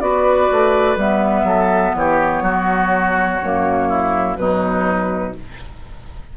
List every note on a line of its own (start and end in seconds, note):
0.00 0.49 B3
0.00 0.97 F#4
0.00 1.46 B4
0.00 0.97 D5
0.51 0.96 A3
0.96 1.43 G3
0.96 3.39 B3
0.96 1.96 E5
1.43 1.92 F#3
1.43 1.95 A4
1.95 2.42 E3
1.95 2.43 G4
1.95 4.36 C#5
2.42 3.38 F#3
2.42 3.88 F#4
3.42 4.37 F#2
3.42 4.37 A#3
3.88 4.36 E4
4.36 5.34 B2
4.36 5.34 F#3
4.36 5.37 D#4
4.36 5.33 B4